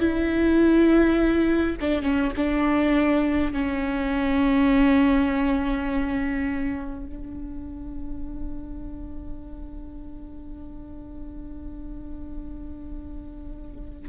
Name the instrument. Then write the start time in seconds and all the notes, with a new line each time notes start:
viola
0.00 E4
1.81 D4
2.02 C#4
2.37 D4
3.53 C#4
7.06 D4